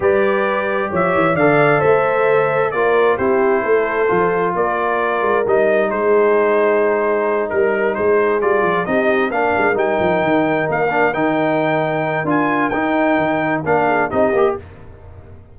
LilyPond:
<<
  \new Staff \with { instrumentName = "trumpet" } { \time 4/4 \tempo 4 = 132 d''2 e''4 f''4 | e''2 d''4 c''4~ | c''2 d''2 | dis''4 c''2.~ |
c''8 ais'4 c''4 d''4 dis''8~ | dis''8 f''4 g''2 f''8~ | f''8 g''2~ g''8 gis''4 | g''2 f''4 dis''4 | }
  \new Staff \with { instrumentName = "horn" } { \time 4/4 b'2 cis''4 d''4 | c''2 ais'4 g'4 | a'2 ais'2~ | ais'4 gis'2.~ |
gis'8 ais'4 gis'2 g'8~ | g'8 ais'2.~ ais'8~ | ais'1~ | ais'2~ ais'8 gis'8 g'4 | }
  \new Staff \with { instrumentName = "trombone" } { \time 4/4 g'2. a'4~ | a'2 f'4 e'4~ | e'4 f'2. | dis'1~ |
dis'2~ dis'8 f'4 dis'8~ | dis'8 d'4 dis'2~ dis'8 | d'8 dis'2~ dis'8 f'4 | dis'2 d'4 dis'8 g'8 | }
  \new Staff \with { instrumentName = "tuba" } { \time 4/4 g2 f8 e8 d4 | a2 ais4 c'4 | a4 f4 ais4. gis8 | g4 gis2.~ |
gis8 g4 gis4 g8 f8 c'8~ | c'8 ais8 gis8 g8 f8 dis4 ais8~ | ais8 dis2~ dis8 d'4 | dis'4 dis4 ais4 c'8 ais8 | }
>>